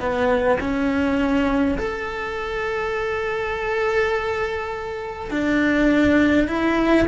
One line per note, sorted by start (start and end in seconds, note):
0.00 0.59 B3
0.60 1.78 C#4
1.79 5.31 A4
5.31 6.48 D4
6.48 7.07 E4